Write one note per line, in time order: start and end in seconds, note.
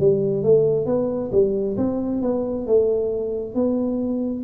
0.00 0.44 G3
0.44 0.86 A3
0.86 1.31 B3
1.32 1.77 G3
1.77 2.22 C4
2.22 2.67 B3
2.67 3.55 A3
3.55 4.44 B3